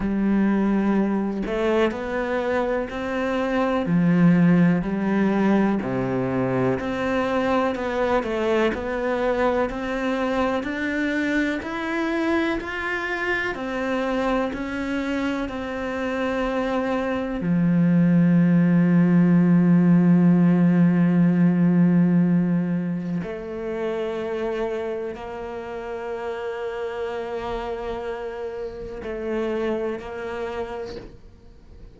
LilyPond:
\new Staff \with { instrumentName = "cello" } { \time 4/4 \tempo 4 = 62 g4. a8 b4 c'4 | f4 g4 c4 c'4 | b8 a8 b4 c'4 d'4 | e'4 f'4 c'4 cis'4 |
c'2 f2~ | f1 | a2 ais2~ | ais2 a4 ais4 | }